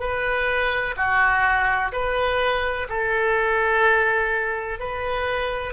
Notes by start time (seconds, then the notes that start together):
0.00 B4
0.97 F#4
1.92 B4
2.89 A4
4.80 B4